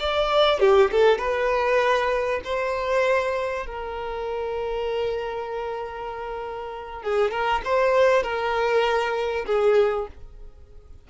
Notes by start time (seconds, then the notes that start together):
0.00 D5
0.60 G4
0.92 A4
1.18 B4
2.44 C5
3.67 A#4
7.03 G#4
7.31 A#4
7.65 C5
8.23 A#4
9.46 G#4